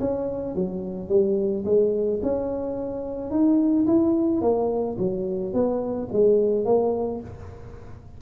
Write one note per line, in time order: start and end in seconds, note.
0.00 0.55 C#4
0.55 1.09 F#3
1.09 1.64 G3
1.65 2.21 G#3
2.23 3.31 C#4
3.31 3.86 D#4
3.87 4.42 E4
4.42 4.97 A#3
4.98 5.53 F#3
5.53 6.09 B3
6.12 6.65 G#3
6.65 7.21 A#3